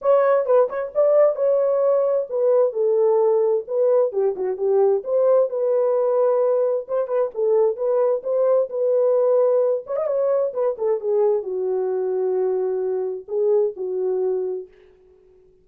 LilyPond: \new Staff \with { instrumentName = "horn" } { \time 4/4 \tempo 4 = 131 cis''4 b'8 cis''8 d''4 cis''4~ | cis''4 b'4 a'2 | b'4 g'8 fis'8 g'4 c''4 | b'2. c''8 b'8 |
a'4 b'4 c''4 b'4~ | b'4. cis''16 dis''16 cis''4 b'8 a'8 | gis'4 fis'2.~ | fis'4 gis'4 fis'2 | }